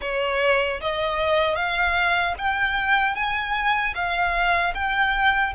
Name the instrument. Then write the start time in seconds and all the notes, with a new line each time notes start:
violin
0.01 C#5
0.81 D#5
1.55 F5
2.38 G5
3.15 G#5
3.94 F5
4.74 G5